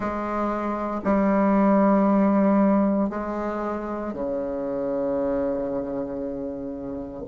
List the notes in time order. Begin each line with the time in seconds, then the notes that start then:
0.00 G#3
1.03 G3
3.09 G#3
4.13 C#3